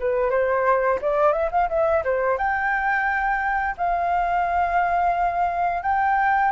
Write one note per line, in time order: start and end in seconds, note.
0.00 0.30 B4
0.30 0.99 C5
1.02 1.33 D5
1.33 1.50 E5
1.51 1.69 F5
1.69 2.04 E5
2.04 2.38 C5
2.38 3.76 G5
3.78 5.83 F5
5.83 6.52 G5